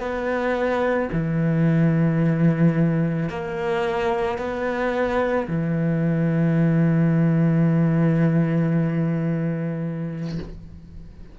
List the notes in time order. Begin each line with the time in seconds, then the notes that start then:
0.00 B3
1.13 E3
3.30 A#3
4.39 B3
5.48 E3